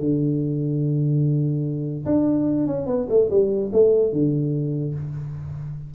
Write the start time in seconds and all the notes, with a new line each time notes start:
0.00 D3
2.06 D4
2.67 C#4
2.87 B3
3.09 A3
3.30 G3
3.73 A3
4.13 D3